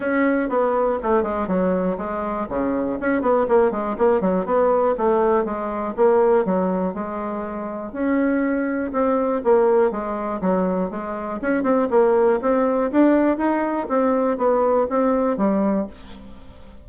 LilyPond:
\new Staff \with { instrumentName = "bassoon" } { \time 4/4 \tempo 4 = 121 cis'4 b4 a8 gis8 fis4 | gis4 cis4 cis'8 b8 ais8 gis8 | ais8 fis8 b4 a4 gis4 | ais4 fis4 gis2 |
cis'2 c'4 ais4 | gis4 fis4 gis4 cis'8 c'8 | ais4 c'4 d'4 dis'4 | c'4 b4 c'4 g4 | }